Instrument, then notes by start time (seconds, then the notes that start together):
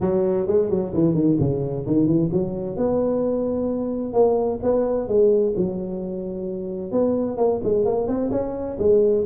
tuba
0.00 F#3
0.47 G#3
0.69 F#3
0.94 E3
1.14 D#3
1.39 C#3
1.86 D#3
2.06 E3
2.32 F#3
2.76 B3
4.13 A#3
4.63 B3
5.07 G#3
5.56 F#3
6.91 B3
7.37 A#3
7.63 G#3
7.85 A#3
8.07 C4
8.31 C#4
8.78 G#3